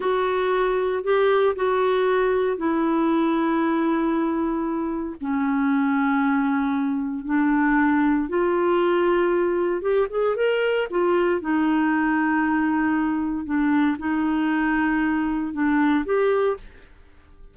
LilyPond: \new Staff \with { instrumentName = "clarinet" } { \time 4/4 \tempo 4 = 116 fis'2 g'4 fis'4~ | fis'4 e'2.~ | e'2 cis'2~ | cis'2 d'2 |
f'2. g'8 gis'8 | ais'4 f'4 dis'2~ | dis'2 d'4 dis'4~ | dis'2 d'4 g'4 | }